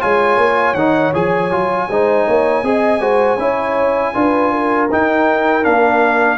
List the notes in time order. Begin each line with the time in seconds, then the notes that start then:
0.00 G#3 F4 C#5 G#5
0.37 A#3
0.74 D#3 D#4 F#5
1.14 F3 G#4 G#5
1.51 F#3 F4
1.88 G#3 D#4 C5
2.27 A#3 C#5
2.63 C4 G#4 D#5
3.00 G#3 F#4 C5
3.38 C#4 E4 C#5
4.14 D4 F4 B4
4.52 A#4
4.92 D#4 G5
5.63 A#3 D4 F5